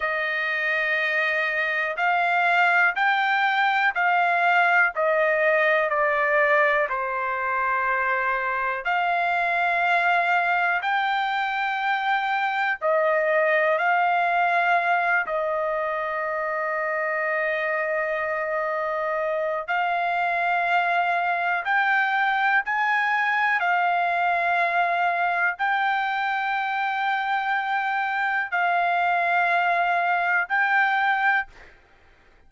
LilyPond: \new Staff \with { instrumentName = "trumpet" } { \time 4/4 \tempo 4 = 61 dis''2 f''4 g''4 | f''4 dis''4 d''4 c''4~ | c''4 f''2 g''4~ | g''4 dis''4 f''4. dis''8~ |
dis''1 | f''2 g''4 gis''4 | f''2 g''2~ | g''4 f''2 g''4 | }